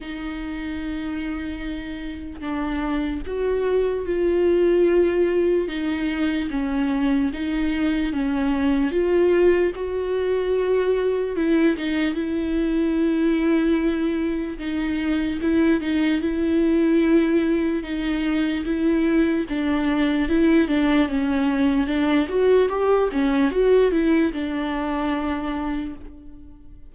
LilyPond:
\new Staff \with { instrumentName = "viola" } { \time 4/4 \tempo 4 = 74 dis'2. d'4 | fis'4 f'2 dis'4 | cis'4 dis'4 cis'4 f'4 | fis'2 e'8 dis'8 e'4~ |
e'2 dis'4 e'8 dis'8 | e'2 dis'4 e'4 | d'4 e'8 d'8 cis'4 d'8 fis'8 | g'8 cis'8 fis'8 e'8 d'2 | }